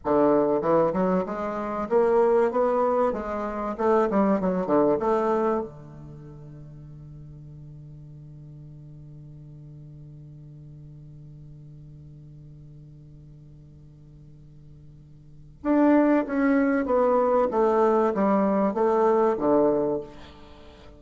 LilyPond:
\new Staff \with { instrumentName = "bassoon" } { \time 4/4 \tempo 4 = 96 d4 e8 fis8 gis4 ais4 | b4 gis4 a8 g8 fis8 d8 | a4 d2.~ | d1~ |
d1~ | d1~ | d4 d'4 cis'4 b4 | a4 g4 a4 d4 | }